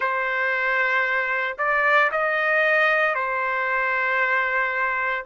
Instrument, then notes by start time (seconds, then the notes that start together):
trumpet
0.00 C5
1.58 D5
2.11 D#5
3.14 C5